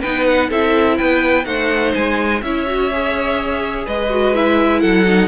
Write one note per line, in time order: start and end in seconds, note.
0.00 0.51 B3
0.00 0.51 D#4
0.00 0.48 B4
0.00 0.26 G5
0.26 0.50 F#5
0.48 0.99 C4
0.48 1.43 E4
0.48 0.96 A4
0.48 0.97 E5
0.97 1.46 B3
0.97 1.45 B4
0.97 1.45 G5
1.43 1.94 A3
1.43 2.39 D#4
1.43 2.42 C5
1.43 1.93 F#5
1.94 2.42 G#3
1.94 2.42 G#5
2.42 3.86 C#4
2.42 2.66 E4
2.42 3.85 C#5
2.42 3.86 E5
2.66 2.90 F#4
2.93 4.10 G#4
3.85 4.83 G#3
3.85 4.80 B4
3.85 4.35 D#5
4.10 4.34 F#4
4.34 5.06 E4
4.34 4.80 E5
4.80 5.28 F#3
4.80 5.28 A4
4.80 5.28 F#5
5.06 5.28 D#4